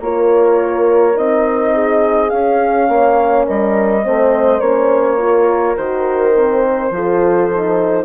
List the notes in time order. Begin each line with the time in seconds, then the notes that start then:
0.00 A#3 F4 A#4 C#5
1.14 C4 D#4 D#5
1.74 G#4
2.30 C#4 F5
2.88 A#3 C#5
3.45 G3 A#4 D#5
4.03 A3 C4 C5
4.60 A#3 C#4 C#5
5.18 F4 A#4
5.76 D#3 F#4 C5
6.36 C4
6.90 F3 F4 A4
7.51 D#4